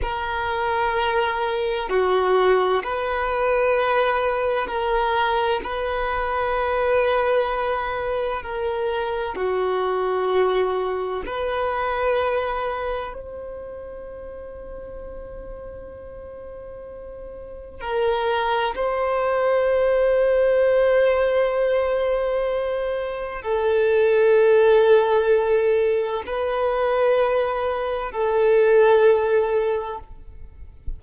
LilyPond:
\new Staff \with { instrumentName = "violin" } { \time 4/4 \tempo 4 = 64 ais'2 fis'4 b'4~ | b'4 ais'4 b'2~ | b'4 ais'4 fis'2 | b'2 c''2~ |
c''2. ais'4 | c''1~ | c''4 a'2. | b'2 a'2 | }